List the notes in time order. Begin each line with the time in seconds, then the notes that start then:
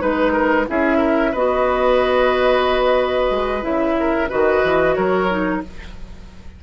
0.00 G#3 D#4 B4
0.33 A#4
0.68 C#4 E4 G#4 E5
0.98 A#4
1.32 B3 F#4 B4 D#5
3.30 G#3
3.62 C#3 E4 E5
4.00 A#4
4.30 D#3 F#4 B4 D#5
4.64 E3
4.95 F#3 A#4 C#5
5.30 D#4